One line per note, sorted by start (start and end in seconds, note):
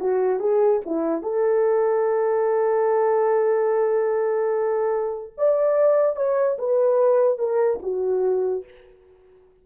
0.00 0.40 F#4
0.40 0.81 G#4
0.86 1.23 E4
1.23 5.34 A4
5.38 6.16 D5
6.16 6.57 C#5
6.58 7.39 B4
7.39 7.80 A#4
7.82 8.65 F#4